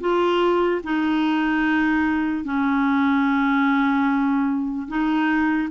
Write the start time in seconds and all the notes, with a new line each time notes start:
0.00 F4
0.83 D#4
2.44 C#4
4.88 D#4